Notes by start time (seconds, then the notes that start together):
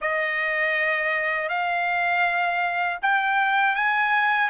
0.01 D#5
1.48 F5
3.02 G5
3.75 G#5